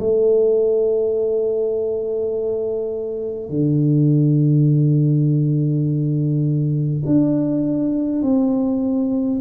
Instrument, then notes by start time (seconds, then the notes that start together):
tuba
0.00 A3
3.50 D3
7.06 D4
8.22 C4